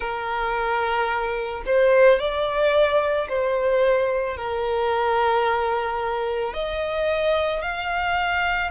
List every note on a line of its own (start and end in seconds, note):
0.00 1.63 A#4
1.66 2.19 C5
2.19 3.28 D5
3.28 4.36 C5
4.36 6.53 A#4
6.53 7.62 D#5
7.62 8.70 F5